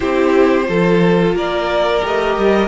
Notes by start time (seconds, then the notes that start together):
0.00 C4 E4 G4 C5
0.64 F3 F4 A4
1.33 A#3 A#4 D5
2.01 A3 G4 D#5
2.37 G3